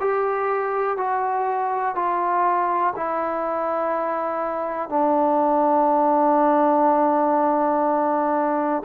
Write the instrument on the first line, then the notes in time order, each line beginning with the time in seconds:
trombone
0.00 G4
0.97 F#4
1.95 F4
2.96 E4
4.89 D4